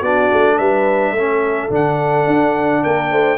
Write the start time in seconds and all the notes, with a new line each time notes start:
0.00 B3 D4 F#4 D5
0.32 A3
0.58 G3 B4 E5
1.12 A3 C#4 A4
1.70 D3 D4 F#5
2.27 D4
2.83 A#3 A#4 G5
3.11 A3 C5